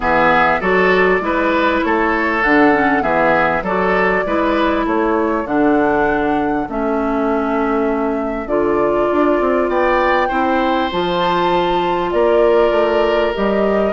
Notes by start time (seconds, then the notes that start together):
0.00 E3 B3 G#4 E5
0.60 F#3 F#4 A4 D5
1.20 G#3 E4 B4
1.82 A3 A4 C#5
2.42 D3 D4 F#5
2.72 C#4
3.01 E3 B3 G#4 E5
3.61 F#3 F#4 A4 D5
4.26 G#3 E4 B4
4.85 A3 A4 C#5
5.44 D3 D4 F#5
6.68 A3 C#4 E5
8.46 D3 F4 D5
9.11 D4
9.40 C4
9.68 B3 D5 G5
10.28 C4 E4 C5
10.91 F3 F4 A5
12.11 A#3 A#4 D5
12.70 A3
13.33 G3 G4 D#5